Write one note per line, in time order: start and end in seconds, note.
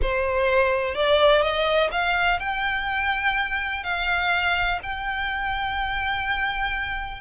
0.01 0.94 C5
0.94 1.42 D5
1.42 1.90 D#5
1.91 2.39 F5
2.39 3.83 G5
3.83 4.79 F5
4.82 7.21 G5